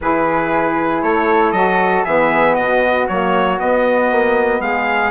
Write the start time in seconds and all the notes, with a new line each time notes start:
0.01 E3 E4 G#4 B4
1.02 A3 A4 C#5
1.52 F#3 F#4 D#5
2.04 E3 B3 G#4 E5
2.53 B2 F#4 D#5
3.08 F#3 A#3 C#5
3.58 B3 D#5
4.11 A#3
4.60 G#3 G#4 F5